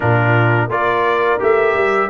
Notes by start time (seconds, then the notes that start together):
0.00 A#2 D4 F4 A#4
0.67 A#3 F4 D5
0.74 A#4
1.39 A3 G4 E5
1.74 G3